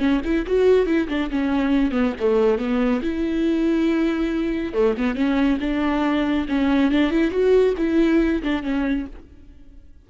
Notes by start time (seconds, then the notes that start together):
0.00 C#4
0.25 E4
0.47 F#4
0.87 E4
1.09 D4
1.31 C#4
1.92 B3
2.20 A3
2.59 B3
3.03 E4
4.74 A3
4.98 B3
5.15 C#4
5.61 D4
6.49 C#4
6.92 D4
7.11 E4
7.31 F#4
7.78 E4
8.43 D4
8.63 C#4